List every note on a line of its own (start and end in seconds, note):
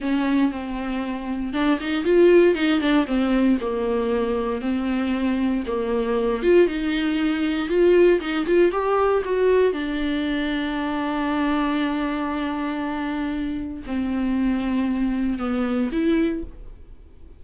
0.00 0.51 C#4
0.51 1.53 C4
1.53 1.78 D4
1.80 2.04 D#4
2.04 2.55 F4
2.55 2.80 D#4
2.80 3.06 D4
3.06 3.58 C4
3.61 4.61 A#3
4.61 5.63 C4
5.67 6.42 A#3
6.42 6.67 F4
6.67 7.68 D#4
7.68 8.20 F4
8.20 8.46 D#4
8.46 8.71 F4
8.71 9.22 G4
9.24 9.72 F#4
9.72 13.83 D4
13.86 15.38 C4
15.38 15.90 B3
15.92 16.43 E4